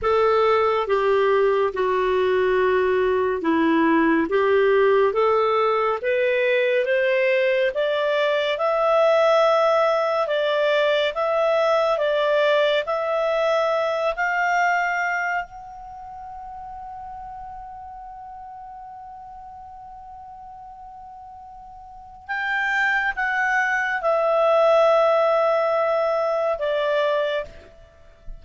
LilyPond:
\new Staff \with { instrumentName = "clarinet" } { \time 4/4 \tempo 4 = 70 a'4 g'4 fis'2 | e'4 g'4 a'4 b'4 | c''4 d''4 e''2 | d''4 e''4 d''4 e''4~ |
e''8 f''4. fis''2~ | fis''1~ | fis''2 g''4 fis''4 | e''2. d''4 | }